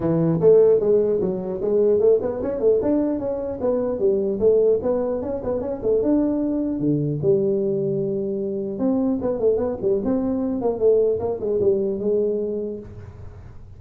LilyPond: \new Staff \with { instrumentName = "tuba" } { \time 4/4 \tempo 4 = 150 e4 a4 gis4 fis4 | gis4 a8 b8 cis'8 a8 d'4 | cis'4 b4 g4 a4 | b4 cis'8 b8 cis'8 a8 d'4~ |
d'4 d4 g2~ | g2 c'4 b8 a8 | b8 g8 c'4. ais8 a4 | ais8 gis8 g4 gis2 | }